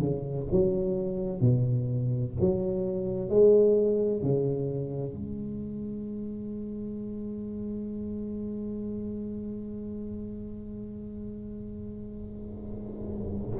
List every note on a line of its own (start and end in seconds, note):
0.00 0.47 C#3
0.52 1.41 F#3
1.41 2.35 B2
2.40 3.29 F#3
3.29 4.23 G#3
4.23 5.13 C#3
5.13 13.57 G#3